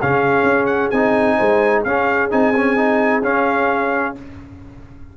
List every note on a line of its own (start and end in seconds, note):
0.00 0.43 C#3
0.00 0.94 C#4
0.00 1.37 G#4
0.00 0.66 F5
0.43 0.89 C#4
0.66 0.89 F#5
0.91 1.38 C4
0.91 1.86 D#4
0.91 1.83 G#5
1.37 1.86 G#3
1.37 1.83 C5
1.84 2.32 C#4
1.84 2.31 C#4
1.84 4.18 G#4
1.84 2.30 F5
2.31 3.22 C4
2.31 2.54 D#4
2.31 3.23 G#5
2.57 2.77 C#4
2.77 3.23 D#4
3.22 4.14 C#4
3.22 4.15 C#4
3.22 4.16 F5